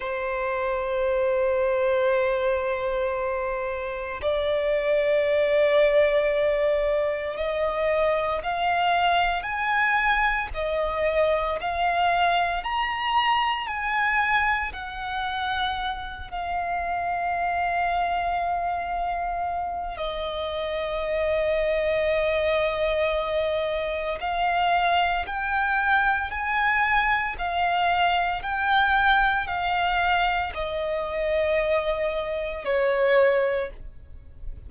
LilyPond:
\new Staff \with { instrumentName = "violin" } { \time 4/4 \tempo 4 = 57 c''1 | d''2. dis''4 | f''4 gis''4 dis''4 f''4 | ais''4 gis''4 fis''4. f''8~ |
f''2. dis''4~ | dis''2. f''4 | g''4 gis''4 f''4 g''4 | f''4 dis''2 cis''4 | }